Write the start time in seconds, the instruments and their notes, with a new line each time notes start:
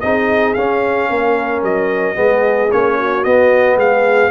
0.00 tuba C4, trombone D#4, horn G#4, trumpet D#5
0.54 trombone C#4, tuba C#4, trumpet F5
1.09 tuba A#3, horn A#4
1.62 tuba F#3, trumpet D#5
2.15 tuba G#3, trombone B3, horn G#4
2.71 tuba A#3, trombone C#4, trumpet C#5
2.97 horn F#4
3.24 tuba B3, trombone B3, trumpet D#5
3.76 tuba G#3, horn G#4, trumpet F5